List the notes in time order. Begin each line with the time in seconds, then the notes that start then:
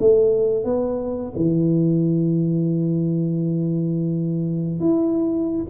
0.00 A3
0.64 B3
1.36 E3
4.80 E4